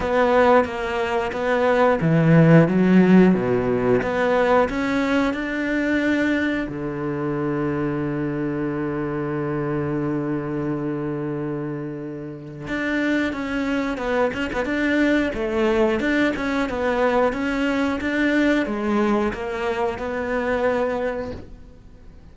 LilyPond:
\new Staff \with { instrumentName = "cello" } { \time 4/4 \tempo 4 = 90 b4 ais4 b4 e4 | fis4 b,4 b4 cis'4 | d'2 d2~ | d1~ |
d2. d'4 | cis'4 b8 cis'16 b16 d'4 a4 | d'8 cis'8 b4 cis'4 d'4 | gis4 ais4 b2 | }